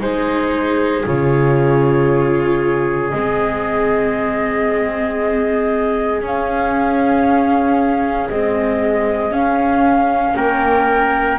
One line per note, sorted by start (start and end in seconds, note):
0.00 1.04 G#3
0.00 1.03 D#4
0.00 10.36 G#4
0.00 1.05 C5
1.05 3.13 C#3
1.05 3.12 F4
1.05 3.10 C#5
3.10 6.22 G#3
3.10 6.21 C4
3.10 6.20 D#5
6.21 8.28 C#4
6.21 8.30 F5
8.30 9.31 G#3
8.30 9.31 C4
8.30 9.33 D#5
9.31 10.34 C#4
9.31 11.38 C#4
9.31 10.35 F5
10.35 11.38 A#3
10.35 11.38 A#4
10.35 11.38 G5